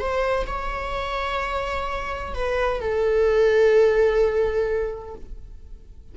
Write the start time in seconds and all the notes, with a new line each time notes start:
0.00 C5
0.47 C#5
2.35 B4
2.81 A4